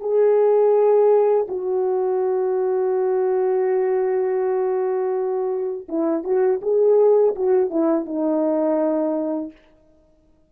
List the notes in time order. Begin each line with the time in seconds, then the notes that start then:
0.00 G#4
1.48 F#4
5.88 E4
6.23 F#4
6.62 G#4
7.35 F#4
7.70 E4
8.05 D#4